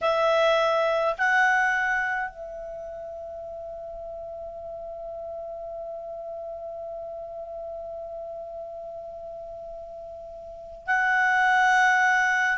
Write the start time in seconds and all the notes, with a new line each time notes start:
0.01 E5
1.18 F#5
2.29 E5
10.86 F#5